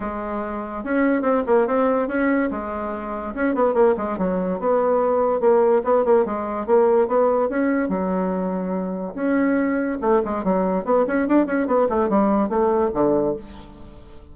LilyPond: \new Staff \with { instrumentName = "bassoon" } { \time 4/4 \tempo 4 = 144 gis2 cis'4 c'8 ais8 | c'4 cis'4 gis2 | cis'8 b8 ais8 gis8 fis4 b4~ | b4 ais4 b8 ais8 gis4 |
ais4 b4 cis'4 fis4~ | fis2 cis'2 | a8 gis8 fis4 b8 cis'8 d'8 cis'8 | b8 a8 g4 a4 d4 | }